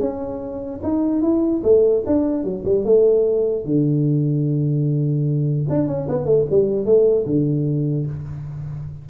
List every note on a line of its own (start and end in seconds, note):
0.00 0.81 C#4
0.83 1.22 D#4
1.22 1.62 E4
1.64 2.04 A3
2.06 2.44 D4
2.44 2.64 F#3
2.65 2.85 G3
2.85 3.65 A3
3.65 5.67 D3
5.70 5.88 D4
5.88 6.08 C#4
6.09 6.26 B3
6.26 6.46 A3
6.50 6.85 G3
6.85 7.26 A3
7.26 8.06 D3